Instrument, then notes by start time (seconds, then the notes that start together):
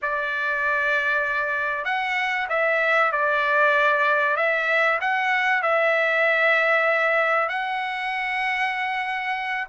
trumpet
0.02 D5
1.84 F#5
2.49 E5
3.12 D5
4.36 E5
5.00 F#5
5.62 E5
7.48 F#5